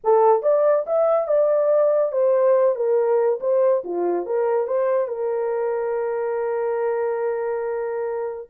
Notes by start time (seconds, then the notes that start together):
0.04 A4
0.42 D5
0.86 E5
1.27 D5
2.12 C5
2.75 A#4
3.40 C5
3.84 F4
4.26 A#4
4.67 C5
5.07 A#4